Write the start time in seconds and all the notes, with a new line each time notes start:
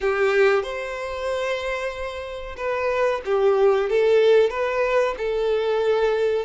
0.00 G4
0.62 C5
2.56 B4
3.25 G4
3.89 A4
4.50 B4
5.17 A4